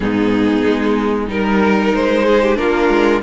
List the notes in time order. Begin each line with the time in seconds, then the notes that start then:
0.00 G#2 B3 D#4 G#4
0.65 G#3
1.27 G3 D#4 A#4
1.94 G#3 C5
2.25 G#4
2.41 G4
2.56 A#3 D4 F4 A#4
2.89 G#3